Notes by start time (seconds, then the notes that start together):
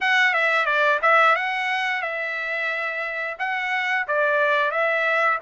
0.00 F#5
0.33 E5
0.65 D5
1.01 E5
1.35 F#5
2.02 E5
3.38 F#5
4.07 D5
4.71 E5